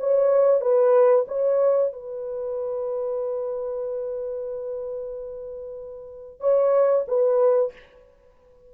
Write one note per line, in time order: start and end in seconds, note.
0.00 0.61 C#5
0.61 1.26 B4
1.28 1.93 C#5
1.93 6.40 B4
6.40 7.05 C#5
7.08 7.73 B4